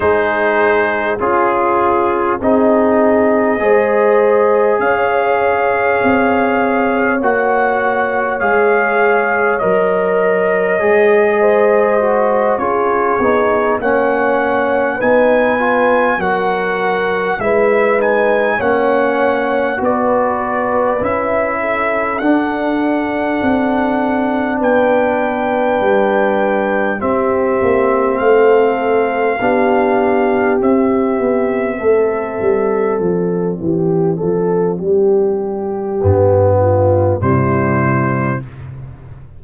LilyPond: <<
  \new Staff \with { instrumentName = "trumpet" } { \time 4/4 \tempo 4 = 50 c''4 gis'4 dis''2 | f''2 fis''4 f''4 | dis''2~ dis''8 cis''4 fis''8~ | fis''8 gis''4 fis''4 e''8 gis''8 fis''8~ |
fis''8 d''4 e''4 fis''4.~ | fis''8 g''2 e''4 f''8~ | f''4. e''2 d''8~ | d''2. c''4 | }
  \new Staff \with { instrumentName = "horn" } { \time 4/4 gis'4 f'4 gis'4 c''4 | cis''1~ | cis''4. c''4 gis'4 cis''8~ | cis''8 b'4 ais'4 b'4 cis''8~ |
cis''8 b'4. a'2~ | a'8 b'2 g'4 a'8~ | a'8 g'2 a'4. | g'8 a'8 g'4. f'8 e'4 | }
  \new Staff \with { instrumentName = "trombone" } { \time 4/4 dis'4 f'4 dis'4 gis'4~ | gis'2 fis'4 gis'4 | ais'4 gis'4 fis'8 f'8 dis'8 cis'8~ | cis'8 dis'8 f'8 fis'4 e'8 dis'8 cis'8~ |
cis'8 fis'4 e'4 d'4.~ | d'2~ d'8 c'4.~ | c'8 d'4 c'2~ c'8~ | c'2 b4 g4 | }
  \new Staff \with { instrumentName = "tuba" } { \time 4/4 gis4 cis'4 c'4 gis4 | cis'4 c'4 ais4 gis4 | fis4 gis4. cis'8 b8 ais8~ | ais8 b4 fis4 gis4 ais8~ |
ais8 b4 cis'4 d'4 c'8~ | c'8 b4 g4 c'8 ais8 a8~ | a8 b4 c'8 b8 a8 g8 f8 | e8 f8 g4 g,4 c4 | }
>>